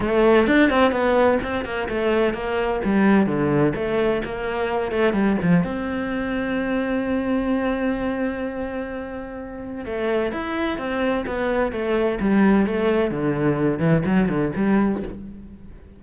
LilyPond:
\new Staff \with { instrumentName = "cello" } { \time 4/4 \tempo 4 = 128 a4 d'8 c'8 b4 c'8 ais8 | a4 ais4 g4 d4 | a4 ais4. a8 g8 f8 | c'1~ |
c'1~ | c'4 a4 e'4 c'4 | b4 a4 g4 a4 | d4. e8 fis8 d8 g4 | }